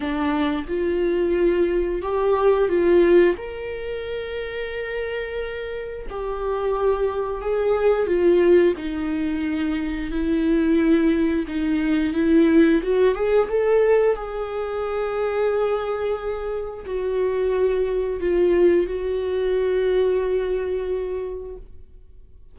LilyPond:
\new Staff \with { instrumentName = "viola" } { \time 4/4 \tempo 4 = 89 d'4 f'2 g'4 | f'4 ais'2.~ | ais'4 g'2 gis'4 | f'4 dis'2 e'4~ |
e'4 dis'4 e'4 fis'8 gis'8 | a'4 gis'2.~ | gis'4 fis'2 f'4 | fis'1 | }